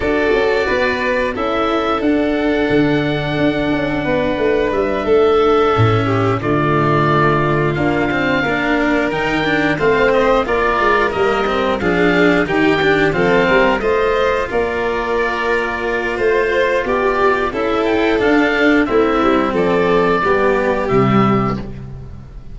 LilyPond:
<<
  \new Staff \with { instrumentName = "oboe" } { \time 4/4 \tempo 4 = 89 d''2 e''4 fis''4~ | fis''2. e''4~ | e''4. d''2 f''8~ | f''4. g''4 f''8 dis''8 d''8~ |
d''8 dis''4 f''4 g''4 f''8~ | f''8 dis''4 d''2~ d''8 | c''4 d''4 e''8 g''8 f''4 | e''4 d''2 e''4 | }
  \new Staff \with { instrumentName = "violin" } { \time 4/4 a'4 b'4 a'2~ | a'2 b'4. a'8~ | a'4 g'8 f'2~ f'8~ | f'8 ais'2 c''4 ais'8~ |
ais'4. gis'4 g'4 a'8 | ais'8 c''4 ais'2~ ais'8 | c''4 g'4 a'2 | e'4 a'4 g'2 | }
  \new Staff \with { instrumentName = "cello" } { \time 4/4 fis'2 e'4 d'4~ | d'1~ | d'8 cis'4 a2 ais8 | c'8 d'4 dis'8 d'8 c'4 f'8~ |
f'8 ais8 c'8 d'4 dis'8 d'8 c'8~ | c'8 f'2.~ f'8~ | f'2 e'4 d'4 | c'2 b4 g4 | }
  \new Staff \with { instrumentName = "tuba" } { \time 4/4 d'8 cis'8 b4 cis'4 d'4 | d4 d'8 cis'8 b8 a8 g8 a8~ | a8 a,4 d2 d'8~ | d'8 ais4 dis4 a4 ais8 |
gis8 g4 f4 dis4 f8 | g8 a4 ais2~ ais8 | a4 b4 cis'4 d'4 | a8 g8 f4 g4 c4 | }
>>